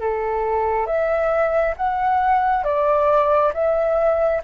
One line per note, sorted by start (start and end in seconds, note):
0.00 0.86 A4
0.86 1.74 E5
1.76 2.64 F#5
2.64 3.52 D5
3.53 4.42 E5